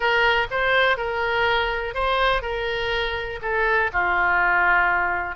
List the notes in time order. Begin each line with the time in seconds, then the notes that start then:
0.00 A#4
0.50 C5
0.97 A#4
1.94 C5
2.42 A#4
3.42 A4
3.92 F4